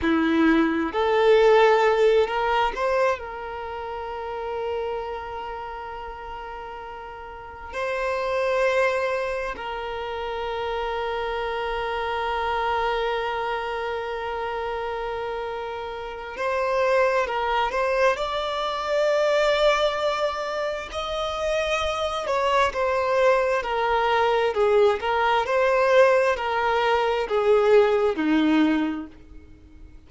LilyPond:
\new Staff \with { instrumentName = "violin" } { \time 4/4 \tempo 4 = 66 e'4 a'4. ais'8 c''8 ais'8~ | ais'1~ | ais'8 c''2 ais'4.~ | ais'1~ |
ais'2 c''4 ais'8 c''8 | d''2. dis''4~ | dis''8 cis''8 c''4 ais'4 gis'8 ais'8 | c''4 ais'4 gis'4 dis'4 | }